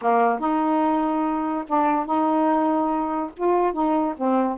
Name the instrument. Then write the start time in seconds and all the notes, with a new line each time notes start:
saxophone
0.01 A#3
0.39 D#4
1.67 D4
2.05 D#4
3.36 F4
3.72 D#4
4.16 C4